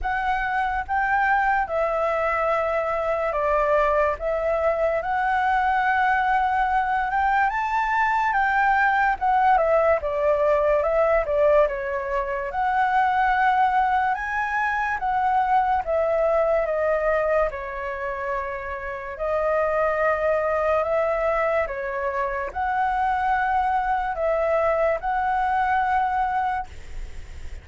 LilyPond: \new Staff \with { instrumentName = "flute" } { \time 4/4 \tempo 4 = 72 fis''4 g''4 e''2 | d''4 e''4 fis''2~ | fis''8 g''8 a''4 g''4 fis''8 e''8 | d''4 e''8 d''8 cis''4 fis''4~ |
fis''4 gis''4 fis''4 e''4 | dis''4 cis''2 dis''4~ | dis''4 e''4 cis''4 fis''4~ | fis''4 e''4 fis''2 | }